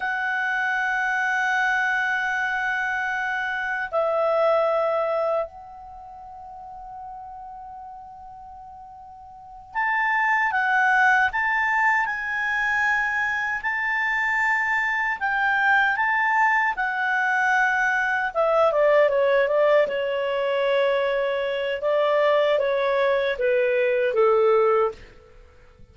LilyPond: \new Staff \with { instrumentName = "clarinet" } { \time 4/4 \tempo 4 = 77 fis''1~ | fis''4 e''2 fis''4~ | fis''1~ | fis''8 a''4 fis''4 a''4 gis''8~ |
gis''4. a''2 g''8~ | g''8 a''4 fis''2 e''8 | d''8 cis''8 d''8 cis''2~ cis''8 | d''4 cis''4 b'4 a'4 | }